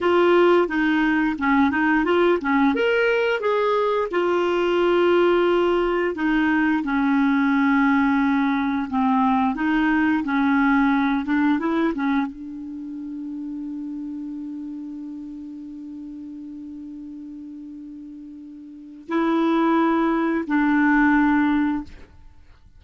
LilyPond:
\new Staff \with { instrumentName = "clarinet" } { \time 4/4 \tempo 4 = 88 f'4 dis'4 cis'8 dis'8 f'8 cis'8 | ais'4 gis'4 f'2~ | f'4 dis'4 cis'2~ | cis'4 c'4 dis'4 cis'4~ |
cis'8 d'8 e'8 cis'8 d'2~ | d'1~ | d'1 | e'2 d'2 | }